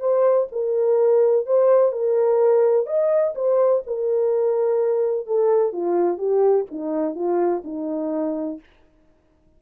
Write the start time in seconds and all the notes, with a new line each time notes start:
0.00 C5
0.52 A#4
1.47 C5
1.92 A#4
2.87 D#5
3.35 C5
3.87 A#4
5.27 A4
5.73 F4
6.18 G4
6.71 D#4
7.15 F4
7.65 D#4